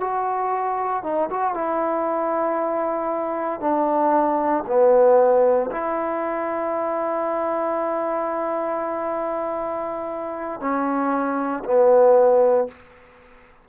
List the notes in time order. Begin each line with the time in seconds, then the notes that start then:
0.00 F#4
1.03 D#4
1.29 F#4
1.54 E4
3.61 D4
4.67 B3
5.71 E4
10.60 C#4
11.64 B3